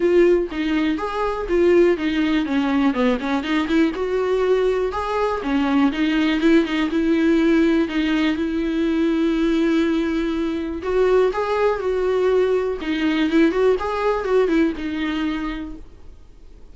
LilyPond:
\new Staff \with { instrumentName = "viola" } { \time 4/4 \tempo 4 = 122 f'4 dis'4 gis'4 f'4 | dis'4 cis'4 b8 cis'8 dis'8 e'8 | fis'2 gis'4 cis'4 | dis'4 e'8 dis'8 e'2 |
dis'4 e'2.~ | e'2 fis'4 gis'4 | fis'2 dis'4 e'8 fis'8 | gis'4 fis'8 e'8 dis'2 | }